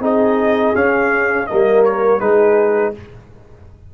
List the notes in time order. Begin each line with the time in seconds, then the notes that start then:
0.00 C4 D#4 G#4 D#5
0.75 C#4 F5
1.47 G3 A#3 A#4 D#5
1.84 C#5
2.20 G#3 D#4 G#4 B4